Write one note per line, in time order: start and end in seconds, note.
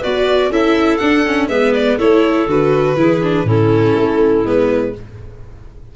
0.00 0.50 B3
0.00 0.52 F#4
0.00 0.49 B4
0.00 0.52 D5
0.50 0.99 C#4
0.50 1.00 E4
0.50 1.49 A4
0.50 0.97 E5
0.97 1.25 D4
0.97 1.49 D4
0.97 1.47 F#5
1.26 1.50 C#4
1.49 1.98 G#3
1.49 1.99 B3
1.49 1.98 B4
1.49 1.73 E5
1.74 1.99 D5
1.98 2.47 A3
1.98 2.48 E4
1.98 2.96 A4
1.98 2.48 C#5
2.47 2.96 D3
2.47 2.97 F#4
2.47 3.49 B4
2.97 3.44 E3
2.97 3.22 E4
2.97 3.46 G#4
3.23 3.47 D4
3.44 3.94 A2
3.44 4.45 C#4
3.44 4.93 E4
3.44 4.47 A4
3.95 4.45 A3
4.45 4.94 G#3
4.45 4.94 B3
4.45 4.96 B4